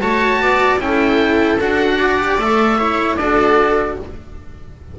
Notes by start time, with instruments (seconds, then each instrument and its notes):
0.00 double bass A3, cello F#4, viola C#5, oboe A5
0.40 double bass B3, viola D5
0.78 double bass C#4, cello E4, viola A4, oboe G5
1.60 double bass D4, cello F#4, oboe F#5
1.98 viola D5
2.19 cello G4
2.38 double bass A3, cello A4, oboe E5
2.79 cello E4, viola C#5
3.16 double bass D4, cello F#4, viola A4, oboe D5